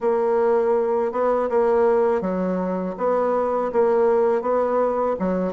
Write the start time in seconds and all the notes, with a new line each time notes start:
0.00 A#3
1.11 B3
1.49 A#3
2.21 F#3
2.97 B3
3.72 A#3
4.41 B3
5.19 F#3